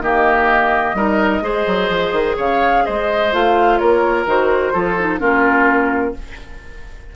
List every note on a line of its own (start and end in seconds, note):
0.00 0.94 D#3
0.00 0.96 A#3
0.00 0.96 G4
0.00 2.36 D#5
0.94 1.41 G3
0.94 1.41 D#4
0.94 1.43 A#4
1.41 1.64 G#3
1.41 3.30 G#4
1.41 2.36 C5
1.66 1.89 F#3
1.89 2.12 F3
2.12 2.35 D#3
2.36 2.85 C#3
2.36 2.83 C#5
2.36 2.85 F5
2.85 3.32 G#3
2.85 3.79 C5
2.85 3.32 D#5
3.32 3.80 A3
3.32 4.26 F4
3.32 3.78 F5
3.78 4.25 A#3
3.78 4.72 A#4
3.78 4.25 C#5
4.25 4.73 D#3
4.25 4.73 F#4
4.25 5.19 C5
4.72 5.20 F3
4.72 4.97 F4
4.72 5.19 A4
4.98 5.19 D#4
5.19 6.15 A#3
5.19 6.13 C#4
5.19 6.14 F4
5.19 6.14 A#4